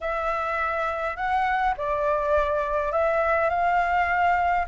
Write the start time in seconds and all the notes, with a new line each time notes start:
0.00 E5
1.16 F#5
1.77 D5
2.92 E5
3.49 F5